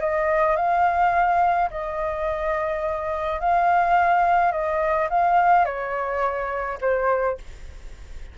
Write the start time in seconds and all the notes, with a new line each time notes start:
0.00 D#5
0.56 F5
1.70 D#5
3.40 F5
4.51 D#5
5.10 F5
5.65 C#5
6.81 C5